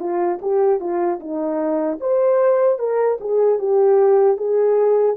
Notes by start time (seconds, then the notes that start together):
0.00 F4
0.42 G4
0.80 F4
1.20 D#4
2.01 C5
2.79 A#4
3.21 G#4
3.59 G4
4.37 G#4